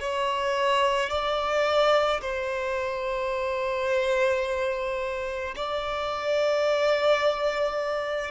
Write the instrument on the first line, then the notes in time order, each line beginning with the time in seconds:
violin
0.00 C#5
1.10 D5
2.21 C5
5.56 D5